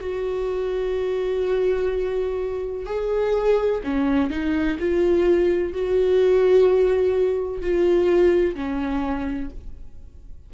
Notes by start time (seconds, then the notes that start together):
0.00 F#4
2.86 G#4
3.84 C#4
4.30 D#4
4.79 F4
5.73 F#4
7.61 F4
8.55 C#4